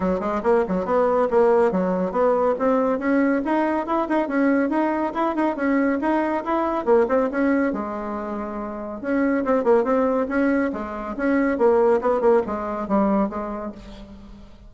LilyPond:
\new Staff \with { instrumentName = "bassoon" } { \time 4/4 \tempo 4 = 140 fis8 gis8 ais8 fis8 b4 ais4 | fis4 b4 c'4 cis'4 | dis'4 e'8 dis'8 cis'4 dis'4 | e'8 dis'8 cis'4 dis'4 e'4 |
ais8 c'8 cis'4 gis2~ | gis4 cis'4 c'8 ais8 c'4 | cis'4 gis4 cis'4 ais4 | b8 ais8 gis4 g4 gis4 | }